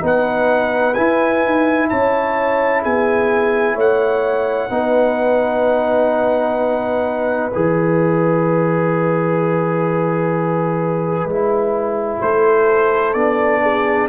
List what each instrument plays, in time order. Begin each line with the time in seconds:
0.00 tuba B3, trombone D#4, horn B4
0.06 trumpet F#5
0.94 trombone E4, tuba E4, trumpet G#5
1.45 tuba D#4
1.89 tuba C#4, horn C#5, trumpet A5
2.82 tuba B3, horn G#4, trumpet G#5
3.75 tuba A3, horn C#5, trumpet F#5
4.70 tuba B3, trombone D#4, horn B4
7.53 tuba E3, trombone G#4, trumpet E5
11.25 tuba G#3, trombone E4
12.21 tuba A3, horn A4, trumpet C5
13.14 tuba B3, trombone D4, trumpet D5
13.62 horn G#4